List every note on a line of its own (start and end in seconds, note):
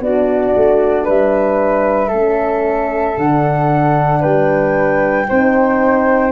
0.00 0.53 B3
0.00 2.13 D4
0.00 1.04 F#4
0.00 1.07 D5
0.56 1.08 A3
1.04 2.11 G3
1.04 2.08 B4
1.04 3.18 E5
2.08 3.17 A3
2.08 3.18 C#4
2.08 4.19 A4
3.17 4.22 D3
3.17 5.27 D4
3.17 4.22 F#5
4.20 5.29 G3
4.20 5.25 B4
4.20 6.31 G5
5.27 6.31 C4
5.27 6.31 D#4
5.27 6.31 C5